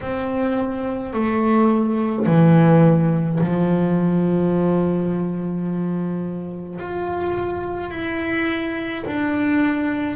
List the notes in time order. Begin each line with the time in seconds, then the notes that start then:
0.01 C4
1.13 A3
2.26 E3
3.40 F3
6.79 F4
7.90 E4
9.06 D4